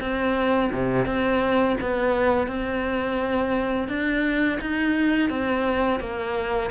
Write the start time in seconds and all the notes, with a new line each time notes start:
0.00 C4
0.72 C3
1.06 C4
1.80 B3
2.47 C4
3.88 D4
4.60 D#4
5.29 C4
6.00 A#3